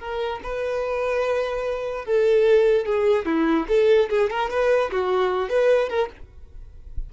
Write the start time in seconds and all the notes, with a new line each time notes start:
0.00 A#4
0.44 B4
2.06 A4
2.86 G#4
3.26 E4
3.69 A4
4.10 G#4
4.30 A#4
4.50 B4
4.92 F#4
5.49 B4
5.89 A#4